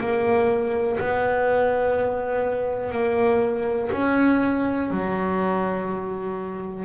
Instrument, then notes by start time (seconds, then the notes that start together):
double bass
0.00 A#3
1.00 B3
2.92 A#3
3.92 C#4
4.90 F#3